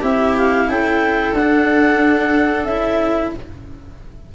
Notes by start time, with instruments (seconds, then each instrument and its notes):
0.00 tuba C4, cello E4, viola G4, clarinet E5
0.37 clarinet F5
0.68 tuba C#4, viola A4, clarinet G5
1.33 tuba D4, cello D4, clarinet F#5
2.64 tuba C#4, cello E4, clarinet E5